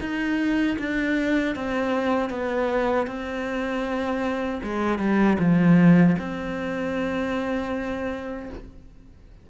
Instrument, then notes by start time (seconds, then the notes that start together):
cello
0.00 D#4
0.79 D4
1.55 C4
2.30 B3
3.07 C4
4.63 G#3
4.99 G3
5.39 F3
6.19 C4